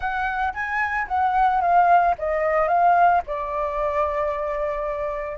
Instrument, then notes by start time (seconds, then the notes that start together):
flute
0.00 F#5
0.53 G#5
1.07 F#5
1.61 F5
2.18 D#5
2.68 F5
3.27 D5